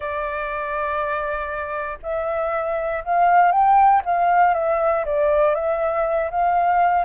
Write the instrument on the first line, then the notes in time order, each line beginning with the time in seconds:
flute
0.00 D5
2.03 E5
3.04 F5
3.51 G5
4.05 F5
4.54 E5
5.05 D5
5.54 E5
6.30 F5